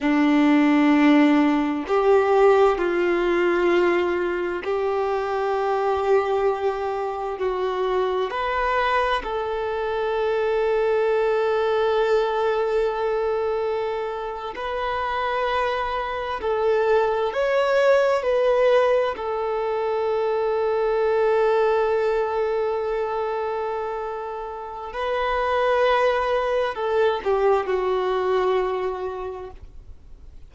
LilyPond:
\new Staff \with { instrumentName = "violin" } { \time 4/4 \tempo 4 = 65 d'2 g'4 f'4~ | f'4 g'2. | fis'4 b'4 a'2~ | a'2.~ a'8. b'16~ |
b'4.~ b'16 a'4 cis''4 b'16~ | b'8. a'2.~ a'16~ | a'2. b'4~ | b'4 a'8 g'8 fis'2 | }